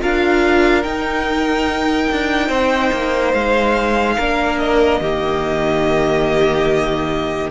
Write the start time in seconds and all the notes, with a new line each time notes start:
0.00 D4 F4 A#4 F5
0.83 D#4 G5
2.11 D4
2.47 C4 C5
2.92 A#3
3.33 G#3 F5
4.16 A#3 D4 A#4
4.58 D#5
5.00 D#3 A#3 G4